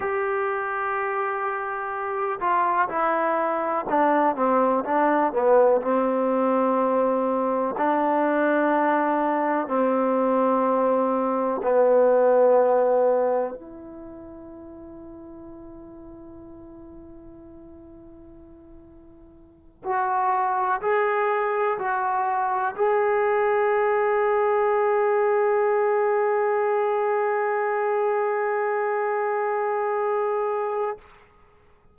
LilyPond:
\new Staff \with { instrumentName = "trombone" } { \time 4/4 \tempo 4 = 62 g'2~ g'8 f'8 e'4 | d'8 c'8 d'8 b8 c'2 | d'2 c'2 | b2 e'2~ |
e'1~ | e'8 fis'4 gis'4 fis'4 gis'8~ | gis'1~ | gis'1 | }